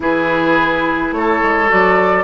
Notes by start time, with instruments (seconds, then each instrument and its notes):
0.00 bassoon E3, clarinet E4, oboe G#4, flute B4
1.11 bassoon A3, oboe A4, flute C#5
1.42 bassoon G#3
1.68 bassoon F#3, clarinet F#4, flute D5